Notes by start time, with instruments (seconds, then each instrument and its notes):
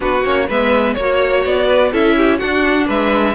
0.00 cello B3, viola D4, violin F#4 B4
0.24 cello A#3, viola C#4, violin C#5
0.47 cello G#3, viola B3, violin B4 E5
0.94 cello A#3, viola F#4, violin C#5
1.45 cello B3, violin D5
1.66 violin B4
1.92 cello C#4, viola E4, violin A4 E5
2.16 violin G4
2.38 viola D4, cello D4, violin F#4 F#5
2.86 cello G#3, violin B4 E5